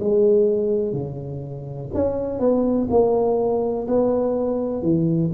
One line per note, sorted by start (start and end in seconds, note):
0.00 0.93 G#3
0.93 1.90 C#3
1.94 2.40 C#4
2.40 2.88 B3
2.90 3.87 A#3
3.88 4.83 B3
4.83 5.31 E3